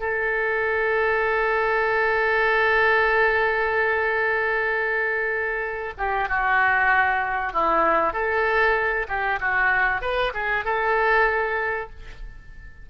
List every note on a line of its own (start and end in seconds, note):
0.00 5.94 A4
5.98 6.29 G4
6.29 7.53 F#4
7.53 8.13 E4
8.13 9.07 A4
9.08 9.39 G4
9.40 10.02 F#4
10.02 10.33 B4
10.34 10.65 G#4
10.65 11.90 A4